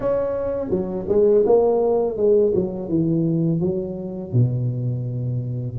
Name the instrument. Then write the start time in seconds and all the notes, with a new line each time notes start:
tuba
0.00 C#4
0.69 F#3
1.08 G#3
1.46 A#3
2.17 G#3
2.54 F#3
2.88 E3
3.60 F#3
4.32 B2